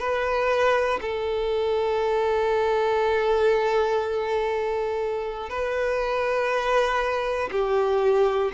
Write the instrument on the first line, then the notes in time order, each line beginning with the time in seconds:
violin
0.00 B4
1.02 A4
5.50 B4
7.52 G4